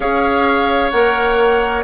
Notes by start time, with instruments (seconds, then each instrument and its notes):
0.00 bassoon C#4, clarinet G#4, oboe C#5, flute F5
0.91 bassoon A#3, clarinet A#4, flute F#5